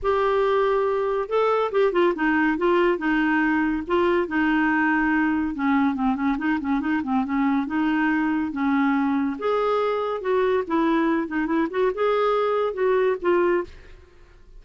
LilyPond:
\new Staff \with { instrumentName = "clarinet" } { \time 4/4 \tempo 4 = 141 g'2. a'4 | g'8 f'8 dis'4 f'4 dis'4~ | dis'4 f'4 dis'2~ | dis'4 cis'4 c'8 cis'8 dis'8 cis'8 |
dis'8 c'8 cis'4 dis'2 | cis'2 gis'2 | fis'4 e'4. dis'8 e'8 fis'8 | gis'2 fis'4 f'4 | }